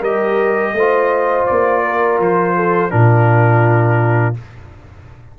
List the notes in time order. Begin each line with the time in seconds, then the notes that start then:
0.00 G3 G4 A#4 D#5
0.73 A3 F4 C5
1.47 A#3 D5
1.84 A#4
2.20 F3 C5
2.56 A4
2.90 A#2 D4 F4 A#4